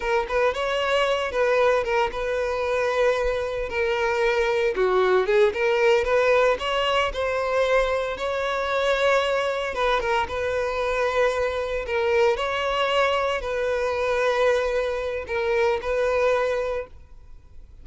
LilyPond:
\new Staff \with { instrumentName = "violin" } { \time 4/4 \tempo 4 = 114 ais'8 b'8 cis''4. b'4 ais'8 | b'2. ais'4~ | ais'4 fis'4 gis'8 ais'4 b'8~ | b'8 cis''4 c''2 cis''8~ |
cis''2~ cis''8 b'8 ais'8 b'8~ | b'2~ b'8 ais'4 cis''8~ | cis''4. b'2~ b'8~ | b'4 ais'4 b'2 | }